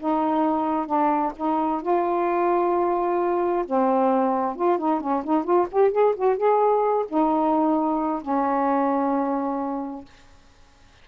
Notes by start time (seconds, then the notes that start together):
0.00 D#4
0.87 D4
1.37 D#4
1.82 F4
3.66 C4
4.56 F4
4.79 D#4
5.01 C#4
5.24 D#4
5.44 F4
5.72 G4
5.92 G#4
6.16 F#4
6.37 G#4
7.08 D#4
8.22 C#4